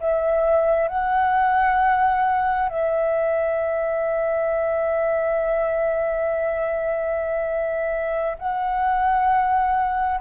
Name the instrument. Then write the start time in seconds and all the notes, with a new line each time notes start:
flute
0.00 E5
0.88 F#5
2.69 E5
8.38 F#5